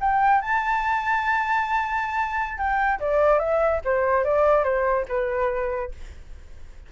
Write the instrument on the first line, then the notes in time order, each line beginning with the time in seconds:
flute
0.00 G5
0.41 A5
2.58 G5
3.00 D5
3.39 E5
3.84 C5
4.24 D5
4.64 C5
5.08 B4